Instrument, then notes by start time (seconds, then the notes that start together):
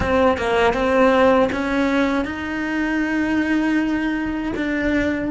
cello
0.00 C4
0.37 A#3
0.73 C4
1.52 C#4
2.24 D#4
4.56 D4